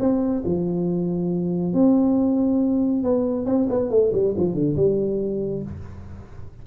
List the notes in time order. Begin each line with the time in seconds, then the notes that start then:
0.00 C4
0.45 F3
1.74 C4
3.04 B3
3.46 C4
3.70 B3
3.90 A3
4.13 G3
4.38 F3
4.55 D3
4.76 G3